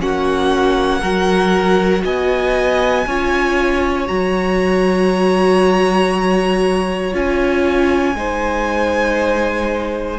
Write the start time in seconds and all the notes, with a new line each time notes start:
0.00 A#3 C#4 F#4 F#5
1.01 F#3 F#4 A#4
2.05 B3 D#5 G#5
3.07 C#4 F4 C#5
4.07 F#3 F#4 A#5
7.12 C#4 F4 G#5
8.15 G#3 D#4 C5